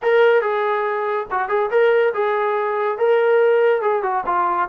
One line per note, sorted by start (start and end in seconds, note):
0.02 0.41 A#4
0.41 1.26 G#4
1.31 1.48 F#4
1.48 1.70 G#4
1.70 2.13 A#4
2.14 2.98 G#4
2.98 3.81 A#4
3.81 4.03 G#4
4.03 4.24 F#4
4.26 4.68 F4